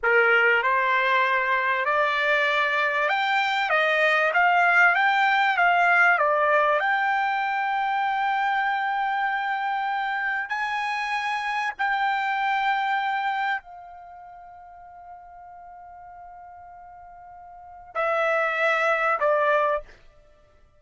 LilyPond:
\new Staff \with { instrumentName = "trumpet" } { \time 4/4 \tempo 4 = 97 ais'4 c''2 d''4~ | d''4 g''4 dis''4 f''4 | g''4 f''4 d''4 g''4~ | g''1~ |
g''4 gis''2 g''4~ | g''2 f''2~ | f''1~ | f''4 e''2 d''4 | }